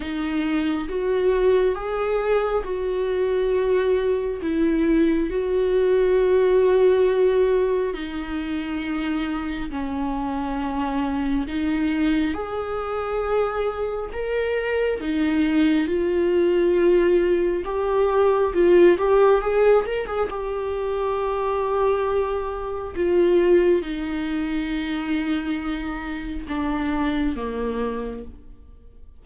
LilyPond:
\new Staff \with { instrumentName = "viola" } { \time 4/4 \tempo 4 = 68 dis'4 fis'4 gis'4 fis'4~ | fis'4 e'4 fis'2~ | fis'4 dis'2 cis'4~ | cis'4 dis'4 gis'2 |
ais'4 dis'4 f'2 | g'4 f'8 g'8 gis'8 ais'16 gis'16 g'4~ | g'2 f'4 dis'4~ | dis'2 d'4 ais4 | }